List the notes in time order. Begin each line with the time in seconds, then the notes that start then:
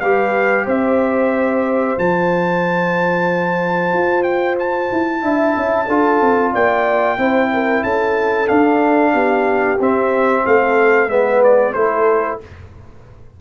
0.00 G3 G4 B4 F5
0.65 C4 C5 E5
1.97 F3 F4 A5
3.93 F4
4.23 G5
4.59 A5
4.92 E4
5.21 D4 E4 E5
5.57 C#4
5.86 D4 F4 A4
6.21 C4
6.53 A#3 D5 G5
7.18 C4 E4 C5
7.53 A#4
7.83 C#4 A4 A5
8.47 D4 F5
9.12 B3 G4
9.79 C4 E5
10.45 A3 A4 F5
11.08 G#3 B3 B4 E5
11.43 D5
11.73 A3 E4 A4 C5